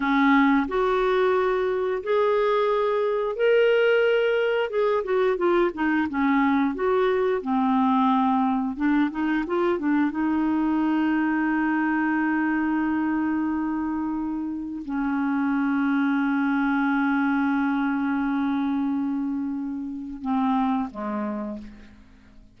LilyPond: \new Staff \with { instrumentName = "clarinet" } { \time 4/4 \tempo 4 = 89 cis'4 fis'2 gis'4~ | gis'4 ais'2 gis'8 fis'8 | f'8 dis'8 cis'4 fis'4 c'4~ | c'4 d'8 dis'8 f'8 d'8 dis'4~ |
dis'1~ | dis'2 cis'2~ | cis'1~ | cis'2 c'4 gis4 | }